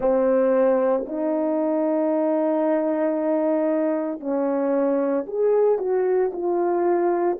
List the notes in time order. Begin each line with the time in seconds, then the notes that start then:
0.00 C4
1.06 D#4
4.20 C#4
5.26 G#4
5.78 F#4
6.33 F4